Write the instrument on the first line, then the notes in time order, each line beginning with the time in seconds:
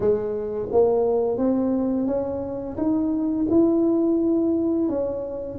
tuba
0.00 G#3
0.71 A#3
1.37 C4
2.06 C#4
2.77 D#4
3.50 E4
4.88 C#4